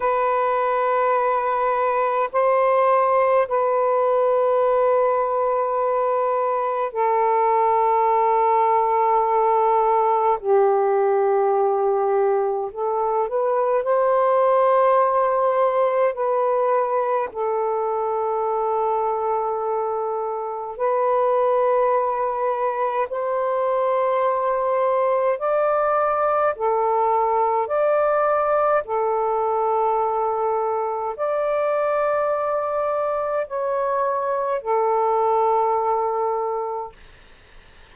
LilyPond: \new Staff \with { instrumentName = "saxophone" } { \time 4/4 \tempo 4 = 52 b'2 c''4 b'4~ | b'2 a'2~ | a'4 g'2 a'8 b'8 | c''2 b'4 a'4~ |
a'2 b'2 | c''2 d''4 a'4 | d''4 a'2 d''4~ | d''4 cis''4 a'2 | }